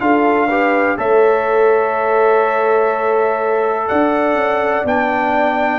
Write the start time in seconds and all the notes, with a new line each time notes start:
0.00 D4 F4 A4 F5
0.48 G4 B4
0.97 A3 A4 C#5 E5
3.88 D4 D5 F#5
4.35 C#4
4.84 B3 D4 G5